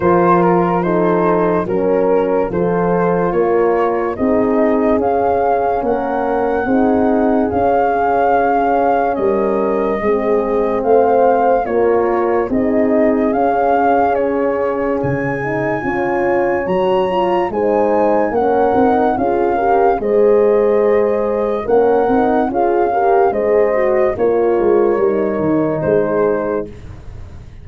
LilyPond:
<<
  \new Staff \with { instrumentName = "flute" } { \time 4/4 \tempo 4 = 72 c''8 ais'8 c''4 ais'4 c''4 | cis''4 dis''4 f''4 fis''4~ | fis''4 f''2 dis''4~ | dis''4 f''4 cis''4 dis''4 |
f''4 cis''4 gis''2 | ais''4 gis''4 fis''4 f''4 | dis''2 fis''4 f''4 | dis''4 cis''2 c''4 | }
  \new Staff \with { instrumentName = "horn" } { \time 4/4 ais'4 a'4 ais'4 a'4 | ais'4 gis'2 ais'4 | gis'2. ais'4 | gis'4 c''4 ais'4 gis'4~ |
gis'2. cis''4~ | cis''4 c''4 ais'4 gis'8 ais'8 | c''2 ais'4 gis'8 ais'8 | c''4 ais'2 gis'4 | }
  \new Staff \with { instrumentName = "horn" } { \time 4/4 f'4 dis'4 cis'4 f'4~ | f'4 dis'4 cis'2 | dis'4 cis'2. | c'2 f'4 dis'4 |
cis'2~ cis'8 dis'8 f'4 | fis'8 f'8 dis'4 cis'8 dis'8 f'8 g'8 | gis'2 cis'8 dis'8 f'8 g'8 | gis'8 fis'8 f'4 dis'2 | }
  \new Staff \with { instrumentName = "tuba" } { \time 4/4 f2 fis4 f4 | ais4 c'4 cis'4 ais4 | c'4 cis'2 g4 | gis4 a4 ais4 c'4 |
cis'2 cis4 cis'4 | fis4 gis4 ais8 c'8 cis'4 | gis2 ais8 c'8 cis'4 | gis4 ais8 gis8 g8 dis8 gis4 | }
>>